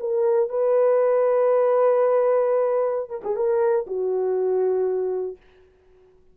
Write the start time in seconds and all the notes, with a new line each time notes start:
0.00 A#4
0.49 B4
3.10 A#4
3.24 G#4
3.36 A#4
3.87 F#4